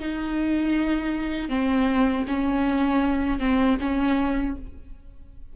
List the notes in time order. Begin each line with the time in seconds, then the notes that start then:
0.00 D#4
1.49 C4
2.28 C#4
3.40 C4
3.81 C#4